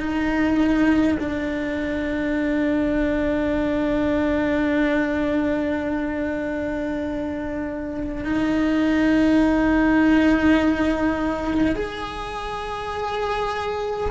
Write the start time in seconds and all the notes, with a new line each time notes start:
0.00 D#4
1.19 D4
8.25 D#4
11.75 G#4